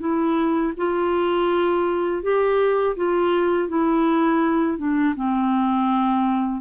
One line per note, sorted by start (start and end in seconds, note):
0.00 0.73 E4
0.77 2.23 F4
2.23 2.96 G4
2.96 3.69 F4
3.69 4.78 E4
4.78 5.15 D4
5.16 6.61 C4